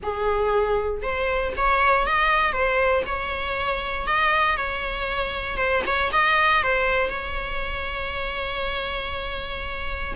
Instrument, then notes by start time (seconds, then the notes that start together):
viola
0.03 G#4
1.02 C5
1.56 C#5
2.06 D#5
2.52 C5
3.05 C#5
4.07 D#5
4.56 C#5
5.57 C5
5.86 C#5
6.12 D#5
6.62 C5
7.09 C#5